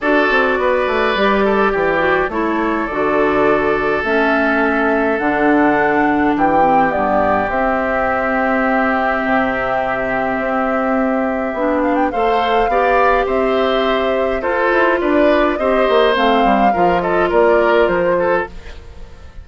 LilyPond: <<
  \new Staff \with { instrumentName = "flute" } { \time 4/4 \tempo 4 = 104 d''1 | cis''4 d''2 e''4~ | e''4 fis''2 g''4 | d''4 e''2.~ |
e''1~ | e''8 f''16 g''16 f''2 e''4~ | e''4 c''4 d''4 dis''4 | f''4. dis''8 d''4 c''4 | }
  \new Staff \with { instrumentName = "oboe" } { \time 4/4 a'4 b'4. a'8 g'4 | a'1~ | a'2. g'4~ | g'1~ |
g'1~ | g'4 c''4 d''4 c''4~ | c''4 a'4 b'4 c''4~ | c''4 ais'8 a'8 ais'4. a'8 | }
  \new Staff \with { instrumentName = "clarinet" } { \time 4/4 fis'2 g'4. fis'8 | e'4 fis'2 cis'4~ | cis'4 d'2~ d'8 c'8 | b4 c'2.~ |
c'1 | d'4 a'4 g'2~ | g'4 f'2 g'4 | c'4 f'2. | }
  \new Staff \with { instrumentName = "bassoon" } { \time 4/4 d'8 c'8 b8 a8 g4 e4 | a4 d2 a4~ | a4 d2 e4 | g,4 c'2. |
c2 c'2 | b4 a4 b4 c'4~ | c'4 f'8 e'8 d'4 c'8 ais8 | a8 g8 f4 ais4 f4 | }
>>